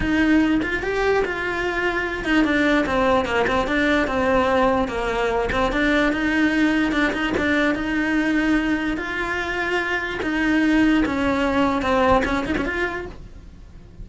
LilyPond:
\new Staff \with { instrumentName = "cello" } { \time 4/4 \tempo 4 = 147 dis'4. f'8 g'4 f'4~ | f'4. dis'8 d'4 c'4 | ais8 c'8 d'4 c'2 | ais4. c'8 d'4 dis'4~ |
dis'4 d'8 dis'8 d'4 dis'4~ | dis'2 f'2~ | f'4 dis'2 cis'4~ | cis'4 c'4 cis'8 dis'16 cis'16 f'4 | }